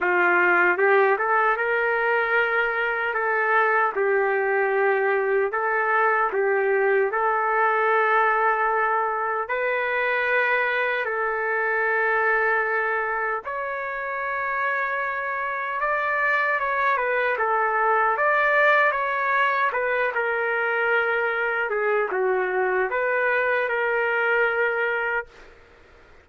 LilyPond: \new Staff \with { instrumentName = "trumpet" } { \time 4/4 \tempo 4 = 76 f'4 g'8 a'8 ais'2 | a'4 g'2 a'4 | g'4 a'2. | b'2 a'2~ |
a'4 cis''2. | d''4 cis''8 b'8 a'4 d''4 | cis''4 b'8 ais'2 gis'8 | fis'4 b'4 ais'2 | }